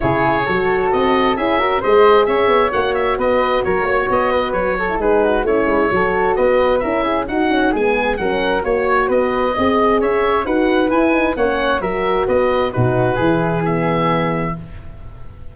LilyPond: <<
  \new Staff \with { instrumentName = "oboe" } { \time 4/4 \tempo 4 = 132 cis''2 dis''4 e''4 | dis''4 e''4 fis''8 e''8 dis''4 | cis''4 dis''4 cis''4 b'4 | cis''2 dis''4 e''4 |
fis''4 gis''4 fis''4 cis''4 | dis''2 e''4 fis''4 | gis''4 fis''4 e''4 dis''4 | b'2 e''2 | }
  \new Staff \with { instrumentName = "flute" } { \time 4/4 gis'4 a'2 gis'8 ais'8 | c''4 cis''2 b'4 | ais'8 cis''4 b'4 a'8 gis'8 fis'8 | e'4 a'4 b'4 ais'8 gis'8 |
fis'4 gis'4 ais'4 cis''4 | b'4 dis''4 cis''4 b'4~ | b'4 cis''4 ais'4 b'4 | fis'4 gis'2. | }
  \new Staff \with { instrumentName = "horn" } { \time 4/4 e'4 fis'2 e'8 fis'8 | gis'2 fis'2~ | fis'2~ fis'8. e'16 dis'4 | cis'4 fis'2 e'4 |
dis'8 cis'8 b4 cis'4 fis'4~ | fis'4 gis'2 fis'4 | e'8 dis'8 cis'4 fis'2 | dis'4 e'4 b2 | }
  \new Staff \with { instrumentName = "tuba" } { \time 4/4 cis4 fis4 c'4 cis'4 | gis4 cis'8 b8 ais4 b4 | fis8 ais8 b4 fis4 gis4 | a8 gis8 fis4 b4 cis'4 |
dis'4 gis4 fis4 ais4 | b4 c'4 cis'4 dis'4 | e'4 ais4 fis4 b4 | b,4 e2. | }
>>